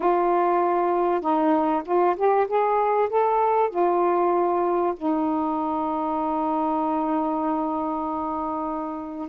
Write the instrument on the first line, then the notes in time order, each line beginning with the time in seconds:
saxophone
0.00 F4
1.21 D#4
1.85 F4
2.16 G4
2.47 G#4
3.09 A4
3.70 F4
4.96 D#4